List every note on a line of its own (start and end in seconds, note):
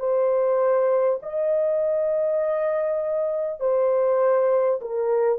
0.00 1.20 C5
1.23 3.61 D#5
3.61 4.81 C5
4.81 5.39 A#4